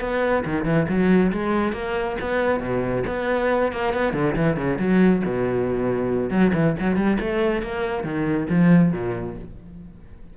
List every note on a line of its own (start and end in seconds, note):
0.00 0.43 B3
0.45 0.64 D#3
0.64 0.86 E3
0.88 1.32 F#3
1.32 1.72 G#3
1.72 2.16 A#3
2.20 2.60 B3
2.60 3.03 B2
3.07 3.72 B3
3.72 3.93 A#3
3.93 4.13 B3
4.13 4.34 D3
4.35 4.56 E3
4.56 4.78 C#3
4.79 5.22 F#3
5.25 6.30 B2
6.30 6.52 F#3
6.54 6.75 E3
6.79 6.96 F#3
6.96 7.17 G3
7.19 7.62 A3
7.62 8.03 A#3
8.03 8.47 D#3
8.50 8.92 F3
8.92 9.35 A#2